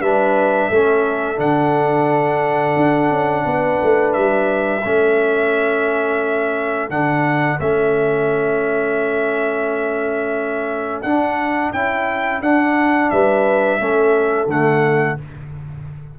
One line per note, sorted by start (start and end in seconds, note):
0.00 0.69 G3
0.00 0.72 D4
0.00 0.69 B4
0.00 1.39 E5
0.69 1.38 A3
0.69 1.36 C#4
0.69 3.45 A4
1.36 2.76 D3
1.36 4.81 D4
1.36 4.13 F#5
2.76 3.10 D4
3.10 3.45 C#4
3.45 3.80 B3
3.45 4.83 B4
3.83 4.16 A3
4.13 4.85 G3
4.13 6.89 E5
4.83 6.90 A3
4.83 6.90 C#4
4.83 13.11 A4
6.90 7.58 D3
6.90 7.59 D4
6.90 7.59 F#5
7.60 11.04 A3
7.60 11.05 C#4
7.60 11.02 E5
11.02 11.73 D4
11.02 11.74 D4
11.02 11.71 F#5
11.73 12.41 C#4
11.73 12.43 E4
11.73 12.42 G5
12.41 13.10 D4
12.41 13.79 D4
12.41 13.10 F#5
13.10 13.80 G3
13.10 13.81 B4
13.10 14.48 E5
13.79 14.47 A3
13.79 14.48 C#4
13.79 15.19 A4
14.47 15.16 D3
14.47 15.18 A3
14.47 15.19 F#5